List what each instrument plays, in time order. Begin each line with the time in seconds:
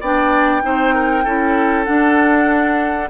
0.00 bassoon B3, clarinet D4, oboe D5, flute G5
0.62 bassoon C4, clarinet D#4, oboe C5
0.95 oboe A#4
1.24 bassoon C#4, clarinet E4, oboe A4
1.85 clarinet D4, bassoon D4, flute F#5